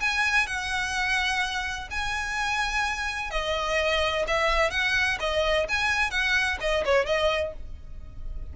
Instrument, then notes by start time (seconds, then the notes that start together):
violin
0.00 G#5
0.46 F#5
1.90 G#5
3.31 D#5
4.27 E5
4.71 F#5
5.19 D#5
5.68 G#5
6.11 F#5
6.61 D#5
6.85 C#5
7.05 D#5